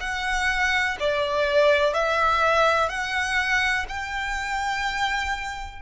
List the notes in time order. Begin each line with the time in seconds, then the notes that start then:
0.00 F#5
0.99 D5
1.94 E5
2.89 F#5
3.88 G5